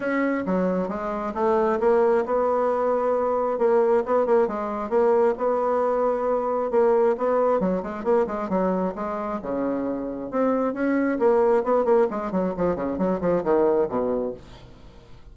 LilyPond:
\new Staff \with { instrumentName = "bassoon" } { \time 4/4 \tempo 4 = 134 cis'4 fis4 gis4 a4 | ais4 b2. | ais4 b8 ais8 gis4 ais4 | b2. ais4 |
b4 fis8 gis8 ais8 gis8 fis4 | gis4 cis2 c'4 | cis'4 ais4 b8 ais8 gis8 fis8 | f8 cis8 fis8 f8 dis4 b,4 | }